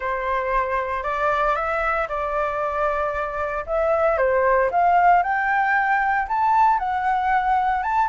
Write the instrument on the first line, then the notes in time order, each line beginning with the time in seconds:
flute
0.00 C5
1.03 D5
1.55 E5
2.08 D5
3.66 E5
4.17 C5
4.71 F5
5.22 G5
6.28 A5
6.78 F#5
7.82 A5